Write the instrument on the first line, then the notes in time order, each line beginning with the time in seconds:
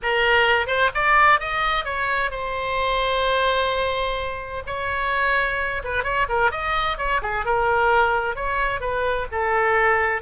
oboe
0.02 A#4
0.66 C5
0.94 D5
1.40 D#5
1.84 C#5
2.30 C5
4.66 C#5
5.84 B4
6.03 C#5
6.29 A#4
6.51 D#5
6.97 C#5
7.22 G#4
7.45 A#4
8.35 C#5
8.80 B4
9.31 A4